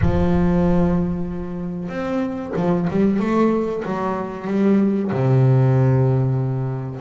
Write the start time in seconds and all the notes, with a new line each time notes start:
0.01 F3
1.89 C4
2.56 F3
2.90 G3
3.19 A3
3.85 F#3
4.47 G3
5.11 C3